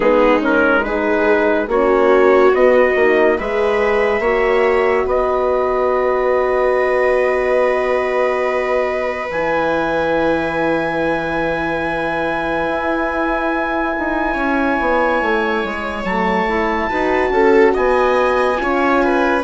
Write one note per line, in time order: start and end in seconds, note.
0.00 1.67 G#3
0.00 0.39 B3
0.00 0.85 D#4
0.00 0.41 G#4
0.39 0.81 C#4
0.39 0.83 A#4
0.83 1.68 D#4
0.83 1.69 G#4
0.83 1.68 B4
1.67 2.52 A#3
1.67 2.53 C#4
1.67 3.38 F#4
1.67 2.54 C#5
2.53 2.95 B3
2.53 2.96 B3
2.53 3.39 D#5
2.95 3.37 A#3
2.95 3.38 D#4
3.38 4.19 G#3
3.38 4.24 G#4
3.38 4.21 B4
3.38 5.08 E5
4.19 5.04 A#3
4.19 9.31 F#4
4.19 5.05 C#5
5.06 9.29 B3
5.06 14.33 B4
5.06 9.30 D#5
9.30 12.68 E3
9.30 16.07 E4
9.30 16.04 G#5
12.68 13.95 E4
13.98 14.35 D#4
14.33 14.77 C#4
14.33 16.87 C#5
14.80 15.21 B3
15.21 15.64 A3
15.64 16.04 G#3
16.04 16.46 F#3
16.04 16.90 A3
16.04 17.73 A5
16.48 16.90 E4
16.89 17.30 D#4
16.89 18.57 F#4
16.89 17.31 B4
17.30 17.73 C#4
17.30 17.74 A4
17.74 18.59 B3
17.74 18.58 D#5
17.74 19.44 G#5
18.57 19.44 C#4
18.57 19.41 F4
18.57 19.03 C#5
19.03 19.44 B4